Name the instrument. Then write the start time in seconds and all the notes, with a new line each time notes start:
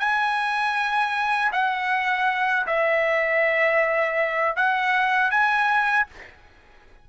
trumpet
0.00 G#5
1.53 F#5
2.67 E5
4.57 F#5
5.31 G#5